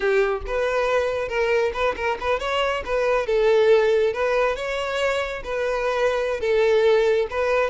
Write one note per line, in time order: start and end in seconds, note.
0.00 0.41 G4
0.46 1.28 B4
1.28 1.72 A#4
1.73 1.95 B4
1.96 2.18 A#4
2.20 2.39 B4
2.39 2.83 C#5
2.85 3.26 B4
3.26 4.13 A4
4.13 4.56 B4
4.56 5.42 C#5
5.44 6.40 B4
6.40 7.27 A4
7.30 7.70 B4